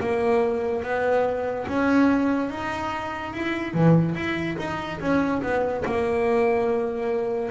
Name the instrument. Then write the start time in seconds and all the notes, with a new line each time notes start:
double bass
0.00 A#3
0.83 B3
1.67 C#4
2.50 D#4
3.33 E4
3.74 E3
4.15 E4
4.58 D#4
5.00 C#4
5.42 B3
5.84 A#3